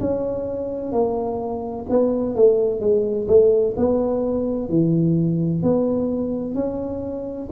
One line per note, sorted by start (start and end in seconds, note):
0.00 0.92 C#4
0.92 1.86 A#3
1.89 2.35 B3
2.35 2.80 A3
2.80 3.27 G#3
3.27 3.74 A3
3.76 4.69 B3
4.69 5.62 E3
5.62 6.55 B3
6.55 7.48 C#4